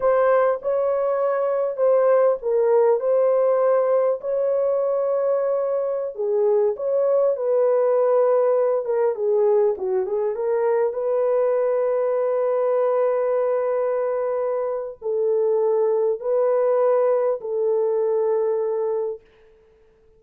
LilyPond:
\new Staff \with { instrumentName = "horn" } { \time 4/4 \tempo 4 = 100 c''4 cis''2 c''4 | ais'4 c''2 cis''4~ | cis''2~ cis''16 gis'4 cis''8.~ | cis''16 b'2~ b'8 ais'8 gis'8.~ |
gis'16 fis'8 gis'8 ais'4 b'4.~ b'16~ | b'1~ | b'4 a'2 b'4~ | b'4 a'2. | }